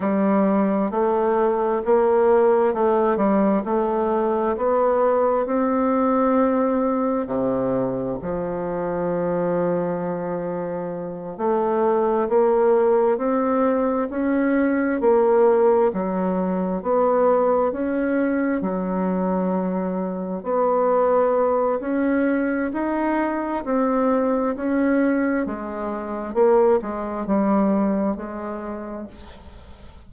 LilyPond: \new Staff \with { instrumentName = "bassoon" } { \time 4/4 \tempo 4 = 66 g4 a4 ais4 a8 g8 | a4 b4 c'2 | c4 f2.~ | f8 a4 ais4 c'4 cis'8~ |
cis'8 ais4 fis4 b4 cis'8~ | cis'8 fis2 b4. | cis'4 dis'4 c'4 cis'4 | gis4 ais8 gis8 g4 gis4 | }